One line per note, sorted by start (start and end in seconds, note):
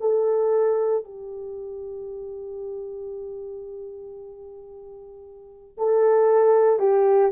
0.00 1.04 A4
1.04 5.78 G4
5.78 6.78 A4
6.78 7.31 G4